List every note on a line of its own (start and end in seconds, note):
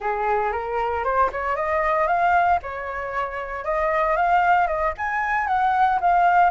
0.00 0.51 G#4
0.51 1.04 A#4
1.04 1.30 C5
1.32 1.56 C#5
1.56 2.07 D#5
2.07 2.59 F5
2.62 3.64 C#5
3.64 4.16 D#5
4.16 4.67 F5
4.67 4.93 D#5
4.97 5.47 G#5
5.47 5.99 F#5
6.00 6.50 F5